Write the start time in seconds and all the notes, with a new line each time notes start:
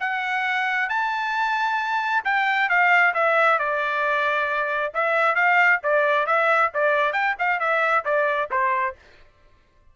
0.00 F#5
0.89 A5
2.24 G5
2.69 F5
3.14 E5
3.59 D5
4.94 E5
5.35 F5
5.83 D5
6.26 E5
6.74 D5
7.13 G5
7.39 F5
7.60 E5
8.05 D5
8.51 C5